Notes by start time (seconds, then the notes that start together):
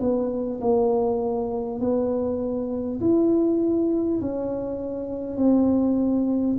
0.00 B3
0.61 A#3
1.80 B3
3.01 E4
4.21 C#4
5.37 C4